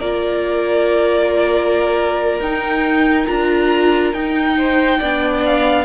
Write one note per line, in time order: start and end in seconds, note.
0.00 2.40 A#3
0.00 2.41 F4
0.00 4.57 A#4
0.00 2.40 D5
2.40 3.27 D#4
2.40 3.26 D#4
2.40 3.27 G5
3.26 4.13 D4
3.26 4.13 F4
3.26 4.13 A#5
4.13 5.00 D#4
4.13 5.02 D#4
4.13 5.44 G5
4.57 4.99 C5
4.99 5.85 B3
4.99 5.85 D4
4.99 5.85 D5
5.45 5.85 F5